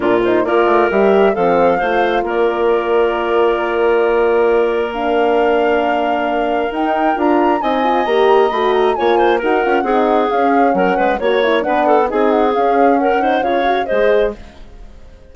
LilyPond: <<
  \new Staff \with { instrumentName = "flute" } { \time 4/4 \tempo 4 = 134 ais'8 c''8 d''4 e''4 f''4~ | f''4 d''2.~ | d''2. f''4~ | f''2. g''4 |
ais''4 gis''4 ais''4 b''8 ais''8 | gis''4 fis''2 f''4 | fis''4 cis''4 fis''4 gis''8 fis''8 | f''4 fis''4 f''4 dis''4 | }
  \new Staff \with { instrumentName = "clarinet" } { \time 4/4 f'4 ais'2 a'4 | c''4 ais'2.~ | ais'1~ | ais'1~ |
ais'4 dis''2. | cis''8 c''8 ais'4 gis'2 | ais'8 b'8 cis''4 b'8 a'8 gis'4~ | gis'4 ais'8 c''8 cis''4 c''4 | }
  \new Staff \with { instrumentName = "horn" } { \time 4/4 d'8 dis'8 f'4 g'4 c'4 | f'1~ | f'2. d'4~ | d'2. dis'4 |
f'4 dis'8 f'8 g'4 fis'4 | f'4 fis'8 f'8 dis'4 cis'4~ | cis'4 fis'8 e'8 d'4 dis'4 | cis'4. dis'8 f'8 fis'8 gis'4 | }
  \new Staff \with { instrumentName = "bassoon" } { \time 4/4 ais,4 ais8 a8 g4 f4 | a4 ais2.~ | ais1~ | ais2. dis'4 |
d'4 c'4 ais4 a4 | ais4 dis'8 cis'8 c'4 cis'4 | fis8 gis8 ais4 b4 c'4 | cis'2 cis4 gis4 | }
>>